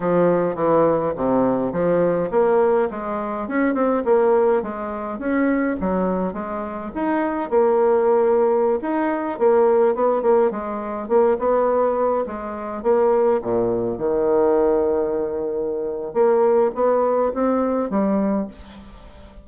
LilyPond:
\new Staff \with { instrumentName = "bassoon" } { \time 4/4 \tempo 4 = 104 f4 e4 c4 f4 | ais4 gis4 cis'8 c'8 ais4 | gis4 cis'4 fis4 gis4 | dis'4 ais2~ ais16 dis'8.~ |
dis'16 ais4 b8 ais8 gis4 ais8 b16~ | b4~ b16 gis4 ais4 ais,8.~ | ais,16 dis2.~ dis8. | ais4 b4 c'4 g4 | }